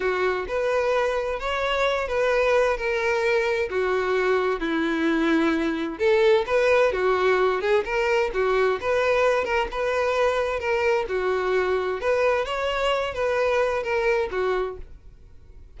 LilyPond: \new Staff \with { instrumentName = "violin" } { \time 4/4 \tempo 4 = 130 fis'4 b'2 cis''4~ | cis''8 b'4. ais'2 | fis'2 e'2~ | e'4 a'4 b'4 fis'4~ |
fis'8 gis'8 ais'4 fis'4 b'4~ | b'8 ais'8 b'2 ais'4 | fis'2 b'4 cis''4~ | cis''8 b'4. ais'4 fis'4 | }